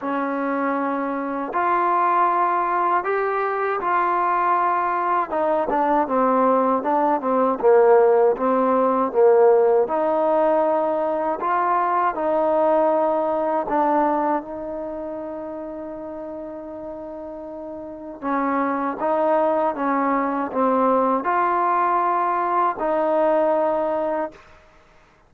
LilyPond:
\new Staff \with { instrumentName = "trombone" } { \time 4/4 \tempo 4 = 79 cis'2 f'2 | g'4 f'2 dis'8 d'8 | c'4 d'8 c'8 ais4 c'4 | ais4 dis'2 f'4 |
dis'2 d'4 dis'4~ | dis'1 | cis'4 dis'4 cis'4 c'4 | f'2 dis'2 | }